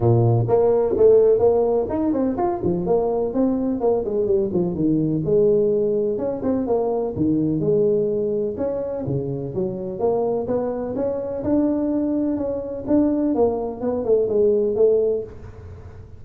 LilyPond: \new Staff \with { instrumentName = "tuba" } { \time 4/4 \tempo 4 = 126 ais,4 ais4 a4 ais4 | dis'8 c'8 f'8 f8 ais4 c'4 | ais8 gis8 g8 f8 dis4 gis4~ | gis4 cis'8 c'8 ais4 dis4 |
gis2 cis'4 cis4 | fis4 ais4 b4 cis'4 | d'2 cis'4 d'4 | ais4 b8 a8 gis4 a4 | }